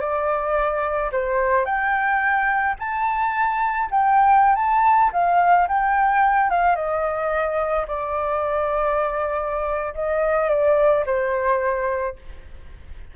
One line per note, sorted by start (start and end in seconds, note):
0.00 1.10 D5
1.12 1.65 C5
1.65 2.75 G5
2.79 3.89 A5
3.90 4.55 G5
4.55 5.10 A5
5.12 5.67 F5
5.68 6.50 G5
6.50 6.76 F5
6.76 7.86 D#5
7.87 9.94 D5
9.94 10.49 D#5
10.49 11.04 D5
11.06 12.16 C5